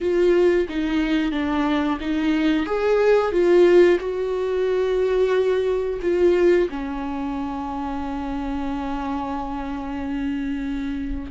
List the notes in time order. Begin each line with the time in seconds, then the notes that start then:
0.00 F4
0.68 D#4
1.31 D4
2.00 D#4
2.66 G#4
3.32 F4
3.99 F#4
6.02 F4
6.69 C#4